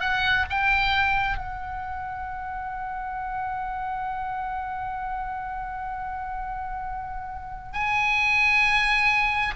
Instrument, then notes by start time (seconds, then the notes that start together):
oboe
0.00 F#5
0.50 G5
1.38 F#5
7.73 G#5